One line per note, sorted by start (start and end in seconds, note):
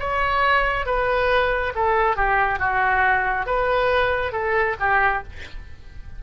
0.00 0.87 C#5
0.87 1.74 B4
1.75 2.17 A4
2.17 2.60 G4
2.60 3.47 F#4
3.47 4.33 B4
4.33 4.76 A4
4.80 5.24 G4